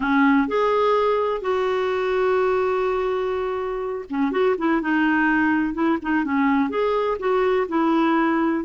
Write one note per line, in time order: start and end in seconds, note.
0.00 0.48 C#4
0.48 1.41 G#4
1.41 4.05 F#4
4.09 4.31 C#4
4.31 4.55 F#4
4.58 4.81 E4
4.81 5.74 D#4
5.74 5.98 E4
6.02 6.24 D#4
6.24 6.69 C#4
6.69 7.17 G#4
7.19 7.67 F#4
7.68 8.64 E4